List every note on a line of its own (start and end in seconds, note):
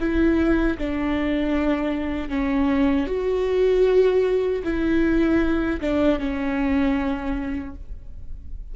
0.00 0.78 E4
0.78 2.29 D4
2.29 3.07 C#4
3.07 4.63 F#4
4.64 5.81 E4
5.81 6.19 D4
6.19 7.75 C#4